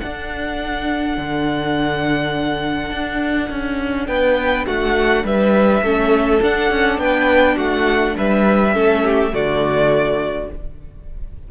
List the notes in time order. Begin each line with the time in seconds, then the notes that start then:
0.00 D4 A4 F#5
1.17 D3
2.91 D4
3.50 C#4
4.07 B3 B4 G5
4.67 A3 F#4 F#5
5.24 G3 B4 E5
5.82 A3 C#4 A4
6.42 D4 F#5
6.70 C#4
6.98 B3 B4 G5
7.56 A3 F#4 F#5
8.16 G3 B4 E5
8.73 A3 C#4 A4
9.04 G4
9.31 D3 A3 F#4 D5